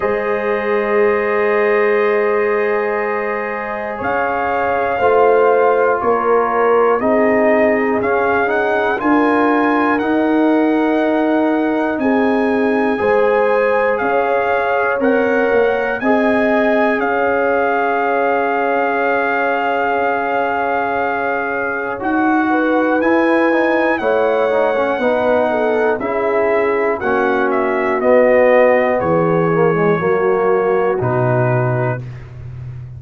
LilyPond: <<
  \new Staff \with { instrumentName = "trumpet" } { \time 4/4 \tempo 4 = 60 dis''1 | f''2 cis''4 dis''4 | f''8 fis''8 gis''4 fis''2 | gis''2 f''4 fis''4 |
gis''4 f''2.~ | f''2 fis''4 gis''4 | fis''2 e''4 fis''8 e''8 | dis''4 cis''2 b'4 | }
  \new Staff \with { instrumentName = "horn" } { \time 4/4 c''1 | cis''4 c''4 ais'4 gis'4~ | gis'4 ais'2. | gis'4 c''4 cis''2 |
dis''4 cis''2.~ | cis''2~ cis''8 b'4. | cis''4 b'8 a'8 gis'4 fis'4~ | fis'4 gis'4 fis'2 | }
  \new Staff \with { instrumentName = "trombone" } { \time 4/4 gis'1~ | gis'4 f'2 dis'4 | cis'8 dis'8 f'4 dis'2~ | dis'4 gis'2 ais'4 |
gis'1~ | gis'2 fis'4 e'8 dis'8 | e'8 dis'16 cis'16 dis'4 e'4 cis'4 | b4. ais16 gis16 ais4 dis'4 | }
  \new Staff \with { instrumentName = "tuba" } { \time 4/4 gis1 | cis'4 a4 ais4 c'4 | cis'4 d'4 dis'2 | c'4 gis4 cis'4 c'8 ais8 |
c'4 cis'2.~ | cis'2 dis'4 e'4 | a4 b4 cis'4 ais4 | b4 e4 fis4 b,4 | }
>>